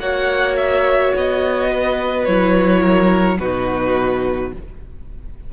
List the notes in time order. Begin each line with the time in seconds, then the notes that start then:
0.00 A#3 F#4 C#5 F#5
0.57 E5
1.16 B3 D#5
1.71 B4
2.25 F#3 E4 C#5
2.82 A#4
3.39 B2 D#4 F#4 B4